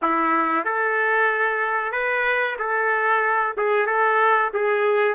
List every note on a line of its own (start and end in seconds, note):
0.02 0.65 E4
0.65 1.92 A4
1.92 2.56 B4
2.58 3.55 A4
3.57 3.86 G#4
3.86 4.50 A4
4.53 5.14 G#4